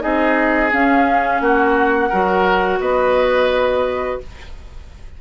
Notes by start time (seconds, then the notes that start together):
0.00 C4 D#4 G#4 D#5
0.71 C#4 F5
1.41 A#3 F#4 F#5
2.09 F#3 F#4 A#4
2.80 B3 B4 D#5